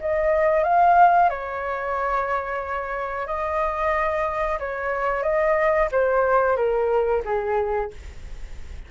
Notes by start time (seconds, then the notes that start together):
0.00 D#5
0.63 F5
1.29 C#5
3.26 D#5
4.59 C#5
5.22 D#5
5.91 C5
6.56 A#4
7.24 G#4